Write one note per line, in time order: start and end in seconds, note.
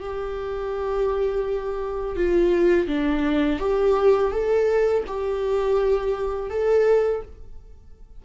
0.00 2.16 G4
2.16 2.88 F4
2.88 3.59 D4
3.59 4.32 G4
4.32 5.04 A4
5.07 6.50 G4
6.50 7.22 A4